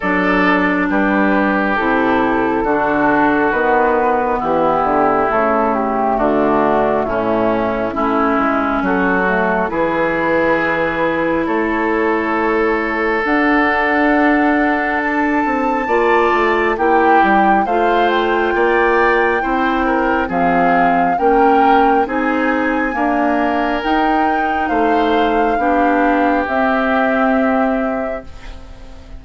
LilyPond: <<
  \new Staff \with { instrumentName = "flute" } { \time 4/4 \tempo 4 = 68 d''4 b'4 a'2 | b'4 g'4 a'8 g'8 fis'4 | e'2 a'4 b'4~ | b'4 cis''2 fis''4~ |
fis''4 a''2 g''4 | f''8 g''2~ g''8 f''4 | g''4 gis''2 g''4 | f''2 e''2 | }
  \new Staff \with { instrumentName = "oboe" } { \time 4/4 a'4 g'2 fis'4~ | fis'4 e'2 d'4 | cis'4 e'4 fis'4 gis'4~ | gis'4 a'2.~ |
a'2 d''4 g'4 | c''4 d''4 c''8 ais'8 gis'4 | ais'4 gis'4 ais'2 | c''4 g'2. | }
  \new Staff \with { instrumentName = "clarinet" } { \time 4/4 d'2 e'4 d'4 | b2 a2~ | a4 cis'4. a8 e'4~ | e'2. d'4~ |
d'2 f'4 e'4 | f'2 e'4 c'4 | cis'4 dis'4 ais4 dis'4~ | dis'4 d'4 c'2 | }
  \new Staff \with { instrumentName = "bassoon" } { \time 4/4 fis4 g4 c4 d4 | dis4 e8 d8 cis4 d4 | a,4 a8 gis8 fis4 e4~ | e4 a2 d'4~ |
d'4. c'8 ais8 a8 ais8 g8 | a4 ais4 c'4 f4 | ais4 c'4 d'4 dis'4 | a4 b4 c'2 | }
>>